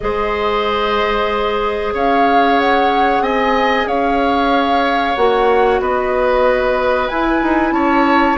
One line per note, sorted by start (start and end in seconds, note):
0.00 1.93 G#3
0.00 5.17 G#4
0.00 1.94 C5
0.00 1.92 D#5
1.93 3.20 C#4
1.93 3.23 C#5
1.93 2.59 F5
2.59 3.23 F#5
3.20 3.85 C4
3.20 3.87 D#5
3.20 3.87 G#5
3.86 5.15 C#4
3.86 5.80 C#5
3.86 5.15 F5
5.15 5.80 A#3
5.15 7.10 F#4
5.15 5.80 F#5
5.80 7.09 B3
5.80 7.74 B4
5.80 7.08 D#5
7.08 7.42 E4
7.08 8.37 E4
7.08 7.72 G#5
7.42 7.71 D#4
7.71 8.36 C#4
7.71 8.37 C#5
7.71 8.36 A5